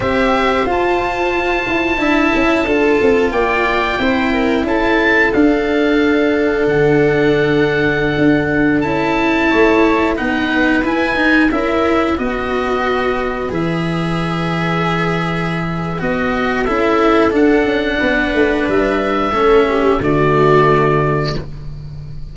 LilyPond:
<<
  \new Staff \with { instrumentName = "oboe" } { \time 4/4 \tempo 4 = 90 e''4 a''2.~ | a''4 g''2 a''4 | f''2 fis''2~ | fis''4~ fis''16 a''2 fis''8.~ |
fis''16 gis''4 e''4 dis''4.~ dis''16~ | dis''16 e''2.~ e''8. | dis''4 e''4 fis''2 | e''2 d''2 | }
  \new Staff \with { instrumentName = "viola" } { \time 4/4 c''2. e''4 | a'4 d''4 c''8 ais'8 a'4~ | a'1~ | a'2~ a'16 cis''4 b'8.~ |
b'4~ b'16 ais'4 b'4.~ b'16~ | b'1~ | b'4 a'2 b'4~ | b'4 a'8 g'8 fis'2 | }
  \new Staff \with { instrumentName = "cello" } { \time 4/4 g'4 f'2 e'4 | f'2 e'2 | d'1~ | d'4~ d'16 e'2 dis'8.~ |
dis'16 e'8 dis'8 e'4 fis'4.~ fis'16~ | fis'16 gis'2.~ gis'8. | fis'4 e'4 d'2~ | d'4 cis'4 a2 | }
  \new Staff \with { instrumentName = "tuba" } { \time 4/4 c'4 f'4. e'8 d'8 cis'8 | d'8 c'8 ais4 c'4 cis'4 | d'2 d2~ | d16 d'4 cis'4 a4 b8.~ |
b16 e'8 dis'8 cis'4 b4.~ b16~ | b16 e2.~ e8. | b4 cis'4 d'8 cis'8 b8 a8 | g4 a4 d2 | }
>>